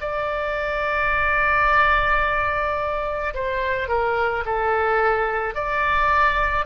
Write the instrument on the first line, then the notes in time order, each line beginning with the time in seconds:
oboe
0.00 D5
3.34 C5
3.88 A#4
4.45 A4
5.55 D5